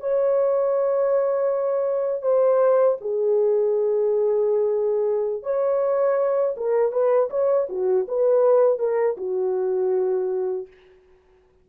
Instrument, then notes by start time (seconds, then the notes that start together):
horn
0.00 C#5
2.22 C5
3.01 G#4
5.43 C#5
6.57 A#4
6.92 B4
7.30 C#5
7.69 F#4
8.08 B4
8.79 A#4
9.17 F#4